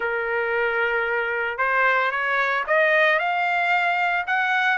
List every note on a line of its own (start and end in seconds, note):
0.00 1.58 A#4
1.58 2.11 C5
2.11 2.64 C#5
2.66 3.19 D#5
3.19 4.25 F5
4.26 4.78 F#5